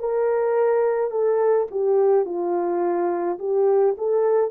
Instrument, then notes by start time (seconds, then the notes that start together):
horn
0.00 A#4
1.11 A4
1.71 G4
2.26 F4
3.39 G4
3.98 A4